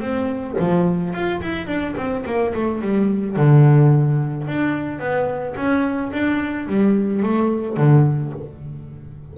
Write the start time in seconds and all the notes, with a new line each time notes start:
0.00 C4
0.59 F3
1.13 F4
1.41 E4
1.67 D4
1.96 C4
2.25 A#3
2.54 A3
2.81 G3
3.36 D3
4.47 D4
4.99 B3
5.56 C#4
6.12 D4
6.67 G3
7.22 A3
7.77 D3